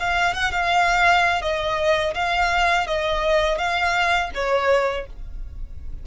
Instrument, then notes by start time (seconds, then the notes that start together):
violin
0.00 F5
0.35 F#5
0.52 F5
1.42 D#5
2.15 F5
2.87 D#5
3.58 F5
4.35 C#5